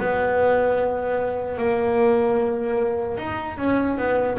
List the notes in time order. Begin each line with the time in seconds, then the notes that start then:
0.00 B3
1.58 A#3
3.18 D#4
3.58 C#4
3.98 B3